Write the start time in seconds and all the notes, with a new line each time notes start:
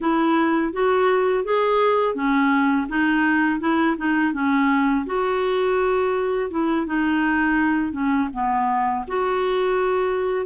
0.00 E4
0.72 F#4
1.44 G#4
2.15 C#4
2.88 D#4
3.60 E4
3.97 D#4
4.33 C#4
5.06 F#4
6.50 E4
6.86 D#4
7.92 C#4
8.33 B3
9.07 F#4